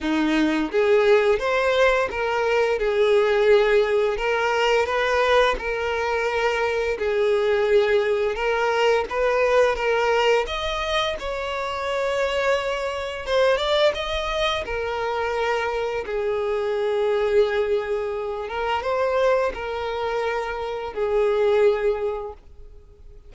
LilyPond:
\new Staff \with { instrumentName = "violin" } { \time 4/4 \tempo 4 = 86 dis'4 gis'4 c''4 ais'4 | gis'2 ais'4 b'4 | ais'2 gis'2 | ais'4 b'4 ais'4 dis''4 |
cis''2. c''8 d''8 | dis''4 ais'2 gis'4~ | gis'2~ gis'8 ais'8 c''4 | ais'2 gis'2 | }